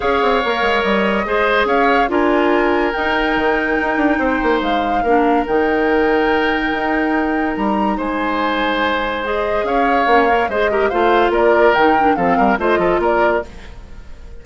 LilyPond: <<
  \new Staff \with { instrumentName = "flute" } { \time 4/4 \tempo 4 = 143 f''2 dis''2 | f''4 gis''2 g''4~ | g''2. f''4~ | f''4 g''2.~ |
g''2 ais''4 gis''4~ | gis''2 dis''4 f''4~ | f''4 dis''4 f''4 d''4 | g''4 f''4 dis''4 d''4 | }
  \new Staff \with { instrumentName = "oboe" } { \time 4/4 cis''2. c''4 | cis''4 ais'2.~ | ais'2 c''2 | ais'1~ |
ais'2. c''4~ | c''2. cis''4~ | cis''4 c''8 ais'8 c''4 ais'4~ | ais'4 a'8 ais'8 c''8 a'8 ais'4 | }
  \new Staff \with { instrumentName = "clarinet" } { \time 4/4 gis'4 ais'2 gis'4~ | gis'4 f'2 dis'4~ | dis'1 | d'4 dis'2.~ |
dis'1~ | dis'2 gis'2 | cis'8 ais'8 gis'8 g'8 f'2 | dis'8 d'8 c'4 f'2 | }
  \new Staff \with { instrumentName = "bassoon" } { \time 4/4 cis'8 c'8 ais8 gis8 g4 gis4 | cis'4 d'2 dis'4 | dis4 dis'8 d'8 c'8 ais8 gis4 | ais4 dis2. |
dis'2 g4 gis4~ | gis2. cis'4 | ais4 gis4 a4 ais4 | dis4 f8 g8 a8 f8 ais4 | }
>>